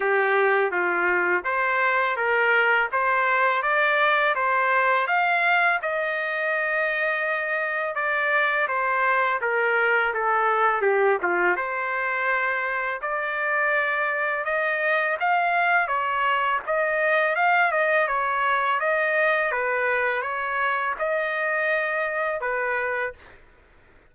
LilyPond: \new Staff \with { instrumentName = "trumpet" } { \time 4/4 \tempo 4 = 83 g'4 f'4 c''4 ais'4 | c''4 d''4 c''4 f''4 | dis''2. d''4 | c''4 ais'4 a'4 g'8 f'8 |
c''2 d''2 | dis''4 f''4 cis''4 dis''4 | f''8 dis''8 cis''4 dis''4 b'4 | cis''4 dis''2 b'4 | }